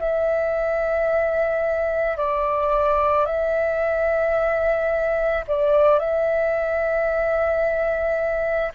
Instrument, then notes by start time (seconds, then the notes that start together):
flute
0.00 E5
2.18 D5
3.26 E5
5.48 D5
6.00 E5